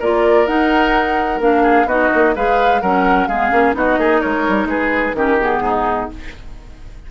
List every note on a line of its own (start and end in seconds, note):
0.00 0.47 A#3
0.00 0.47 F4
0.00 1.63 A#4
0.00 0.47 D5
0.47 1.41 D#4
0.47 1.40 D#4
0.47 1.41 F#5
1.40 1.85 A#3
1.40 1.87 D4
1.40 1.88 F5
1.63 1.87 G#4
1.85 2.09 B3
1.85 2.36 D#4
1.85 2.35 F#4
1.85 2.35 D#5
2.14 2.36 A#3
2.36 2.82 G#3
2.36 2.83 G#4
2.36 2.82 B4
2.36 2.82 F5
2.82 3.28 F#3
2.82 3.31 C#4
2.82 3.29 A#4
2.82 3.27 F#5
3.27 3.51 G#3
3.27 3.50 B3
3.27 3.76 G#4
3.27 3.74 F5
3.50 3.75 A#3
3.50 3.74 C#4
3.74 3.98 B3
3.74 5.14 D#4
3.74 4.00 F#4
3.74 4.21 D#5
3.98 4.22 A#3
3.98 4.21 G#4
4.21 4.49 G#3
4.21 4.68 A#4
4.21 4.68 C#5
4.49 4.65 G3
4.65 5.12 G#3
4.65 5.16 G#4
4.65 5.16 B4
5.14 5.59 D#3
5.14 5.38 C#4
5.14 5.63 G4
5.14 5.41 A#4
5.41 6.11 B3
5.41 6.11 G#4
5.59 6.06 G#2
5.59 6.10 D#4